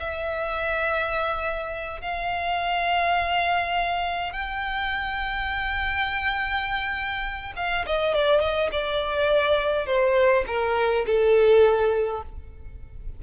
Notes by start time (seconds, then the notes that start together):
0.00 E5
2.01 F5
4.33 G5
7.56 F5
7.86 D#5
8.14 D5
8.41 D#5
8.72 D5
9.86 C5
10.47 A#4
11.07 A4